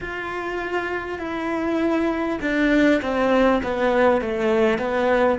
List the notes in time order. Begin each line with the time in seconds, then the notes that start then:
0.01 F4
1.18 E4
2.41 D4
3.02 C4
3.63 B3
4.21 A3
4.78 B3